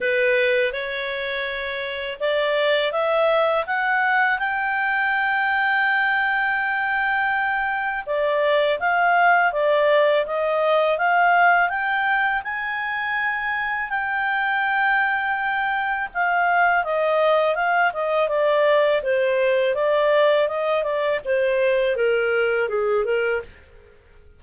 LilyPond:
\new Staff \with { instrumentName = "clarinet" } { \time 4/4 \tempo 4 = 82 b'4 cis''2 d''4 | e''4 fis''4 g''2~ | g''2. d''4 | f''4 d''4 dis''4 f''4 |
g''4 gis''2 g''4~ | g''2 f''4 dis''4 | f''8 dis''8 d''4 c''4 d''4 | dis''8 d''8 c''4 ais'4 gis'8 ais'8 | }